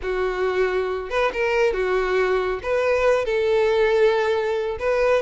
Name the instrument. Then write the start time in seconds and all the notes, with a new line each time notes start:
violin
0.02 F#4
1.09 B4
1.33 A#4
1.73 F#4
2.62 B4
3.25 A4
4.79 B4